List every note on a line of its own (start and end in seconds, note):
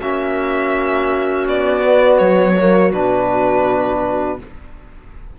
0.00 1.47 A#3
0.00 1.83 C#4
0.00 4.39 F#4
0.00 1.47 E5
1.47 2.20 B3
1.47 2.18 D5
1.83 2.56 B3
2.18 2.93 F#3
2.18 2.92 C#5
2.58 2.93 A#3
2.93 4.39 B2
2.93 4.39 D4
2.93 4.39 B4